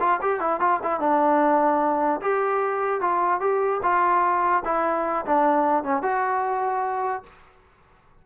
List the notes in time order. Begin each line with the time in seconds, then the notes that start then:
0.00 F4
0.22 G4
0.40 E4
0.60 F4
0.83 E4
1.00 D4
2.21 G4
3.01 F4
3.41 G4
3.83 F4
4.65 E4
5.26 D4
5.84 C#4
6.03 F#4